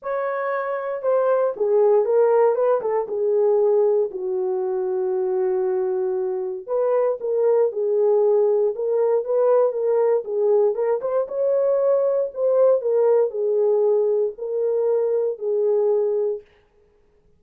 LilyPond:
\new Staff \with { instrumentName = "horn" } { \time 4/4 \tempo 4 = 117 cis''2 c''4 gis'4 | ais'4 b'8 a'8 gis'2 | fis'1~ | fis'4 b'4 ais'4 gis'4~ |
gis'4 ais'4 b'4 ais'4 | gis'4 ais'8 c''8 cis''2 | c''4 ais'4 gis'2 | ais'2 gis'2 | }